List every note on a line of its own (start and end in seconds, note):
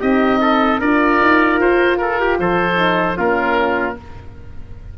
0.00 0.79 C4
0.00 0.79 D#4
0.00 0.40 G4
0.00 0.80 D#5
0.41 0.80 A4
0.79 1.19 D4
0.79 2.75 F4
0.79 1.98 A#4
0.79 1.60 D5
1.21 1.60 D#4
1.60 2.39 F4
1.60 1.98 C5
1.98 2.20 A4
1.98 2.37 A#4
2.20 2.40 G4
2.39 3.17 F3
2.39 3.17 A4
2.39 3.18 C5
2.75 3.14 D#4
3.17 3.96 A#3
3.17 3.96 C#4
3.17 3.96 F4
3.17 3.98 A#4